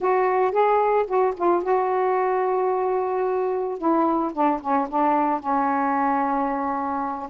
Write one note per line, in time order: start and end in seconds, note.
0.00 0.51 F#4
0.51 1.05 G#4
1.07 1.34 F#4
1.36 1.63 F4
1.63 3.78 F#4
3.78 4.32 E4
4.33 4.60 D4
4.61 4.88 C#4
4.89 5.40 D4
5.40 7.29 C#4